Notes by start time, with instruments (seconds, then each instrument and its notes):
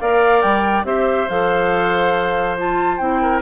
0.00 bassoon A#3, clarinet A#4, oboe D5, flute F5
0.41 bassoon G3, flute G5
0.84 bassoon C4, clarinet G4, oboe C5, flute E5
1.29 bassoon F3, clarinet A4, flute F5
2.58 clarinet F4, flute A5
2.98 bassoon C4, clarinet E4, flute G5
3.22 oboe A#4